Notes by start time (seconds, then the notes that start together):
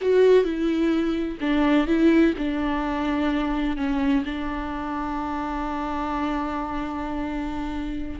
0.01 F#4
0.44 E4
1.40 D4
1.87 E4
2.38 D4
3.76 C#4
4.25 D4